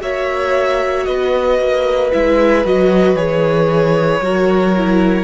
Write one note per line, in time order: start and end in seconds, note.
0.00 1.07 A#3
0.00 2.11 F#4
0.00 1.07 C#5
0.00 1.05 E5
1.05 1.59 B3
1.05 4.23 B4
1.05 2.10 D#5
1.59 2.12 A#3
2.12 2.65 G#3
2.12 2.64 E4
2.12 2.65 E5
2.64 3.14 F#3
2.64 3.16 F#4
2.64 3.16 D#5
3.14 4.20 E3
3.14 4.21 G#4
3.14 5.24 C#5
4.20 5.24 F#3
4.20 4.75 F#4
4.20 5.24 A#4
4.76 5.24 E4